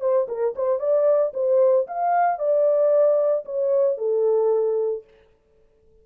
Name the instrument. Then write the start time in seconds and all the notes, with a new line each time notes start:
horn
0.00 C5
0.28 A#4
0.56 C5
0.79 D5
1.33 C5
1.87 F5
2.38 D5
3.45 C#5
3.98 A4